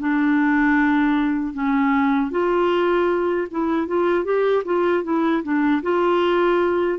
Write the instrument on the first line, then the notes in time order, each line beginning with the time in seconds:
clarinet
0.00 D4
1.54 C#4
2.31 F4
3.51 E4
3.87 F4
4.25 G4
4.65 F4
5.04 E4
5.43 D4
5.83 F4